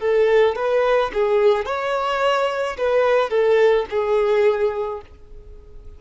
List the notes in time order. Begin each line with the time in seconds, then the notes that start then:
0.00 A4
0.56 B4
1.14 G#4
1.66 C#5
2.78 B4
3.30 A4
3.90 G#4